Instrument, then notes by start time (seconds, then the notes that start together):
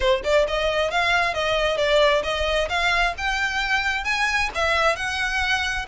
violin
0.00 C5
0.24 D5
0.47 D#5
0.90 F5
1.34 D#5
1.77 D5
2.23 D#5
2.69 F5
3.17 G5
4.04 G#5
4.54 E5
4.95 F#5